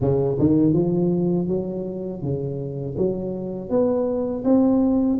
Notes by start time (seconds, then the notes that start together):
0.00 C#3
0.39 D#3
0.73 F3
1.47 F#3
2.22 C#3
2.97 F#3
3.69 B3
4.44 C4